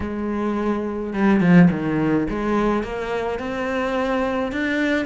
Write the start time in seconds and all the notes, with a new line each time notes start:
0.00 G#3
1.13 G3
1.40 F3
1.70 D#3
2.29 G#3
2.83 A#3
3.39 C4
4.51 D4